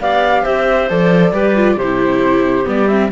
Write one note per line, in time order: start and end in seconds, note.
0.00 0.44 B3
0.00 0.90 G4
0.00 0.43 D5
0.00 0.45 F5
0.43 0.90 C4
0.43 1.32 C5
0.43 0.89 E5
0.90 1.32 F3
0.90 1.34 A4
0.90 1.78 D5
1.32 1.76 G3
1.32 1.56 G4
1.32 1.76 B4
1.56 1.78 F4
1.76 2.65 C3
1.76 3.09 G4
1.76 2.67 C5
1.83 2.65 E4
2.65 3.11 G3
2.65 2.87 B3
2.65 2.88 D5
2.88 3.11 C4
2.88 3.10 E5